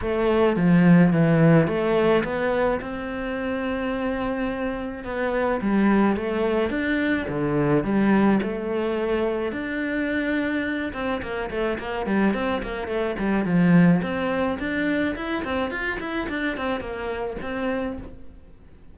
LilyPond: \new Staff \with { instrumentName = "cello" } { \time 4/4 \tempo 4 = 107 a4 f4 e4 a4 | b4 c'2.~ | c'4 b4 g4 a4 | d'4 d4 g4 a4~ |
a4 d'2~ d'8 c'8 | ais8 a8 ais8 g8 c'8 ais8 a8 g8 | f4 c'4 d'4 e'8 c'8 | f'8 e'8 d'8 c'8 ais4 c'4 | }